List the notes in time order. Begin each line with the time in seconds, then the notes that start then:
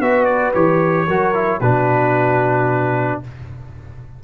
0.00 B3 F#4 B4 E5
0.25 D5
0.54 E3 G4 C#5
1.07 F#3 F#4 A#4
1.34 E4
1.60 B2 D4 F#4 B4